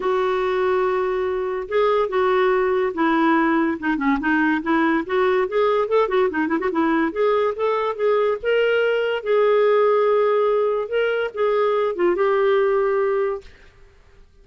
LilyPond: \new Staff \with { instrumentName = "clarinet" } { \time 4/4 \tempo 4 = 143 fis'1 | gis'4 fis'2 e'4~ | e'4 dis'8 cis'8 dis'4 e'4 | fis'4 gis'4 a'8 fis'8 dis'8 e'16 fis'16 |
e'4 gis'4 a'4 gis'4 | ais'2 gis'2~ | gis'2 ais'4 gis'4~ | gis'8 f'8 g'2. | }